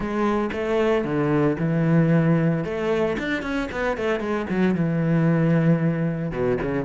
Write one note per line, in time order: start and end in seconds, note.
0.00 0.50 G#3
0.52 1.04 A3
1.04 1.56 D3
1.59 2.64 E3
2.64 3.17 A3
3.18 3.42 D4
3.42 3.68 C#4
3.71 3.97 B3
3.97 4.19 A3
4.19 4.46 G#3
4.49 4.75 F#3
4.75 6.31 E3
6.31 6.57 B2
6.61 6.85 C#3